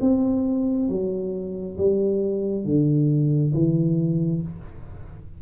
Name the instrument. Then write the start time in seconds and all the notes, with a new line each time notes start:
tuba
0.00 C4
0.88 F#3
1.77 G3
2.64 D3
3.53 E3